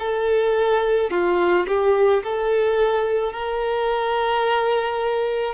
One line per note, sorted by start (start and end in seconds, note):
0.00 1.11 A4
1.11 1.67 F4
1.68 2.24 G4
2.24 3.33 A4
3.33 5.55 A#4